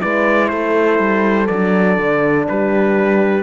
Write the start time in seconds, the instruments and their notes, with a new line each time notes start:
0.00 cello G#3, horn E4 B4, trumpet D5
0.48 cello A3, horn A4, trumpet C5
0.99 cello G3
1.47 cello F#3, horn D4, trumpet D5
1.98 cello D3
2.48 cello G3, horn G4, trumpet B4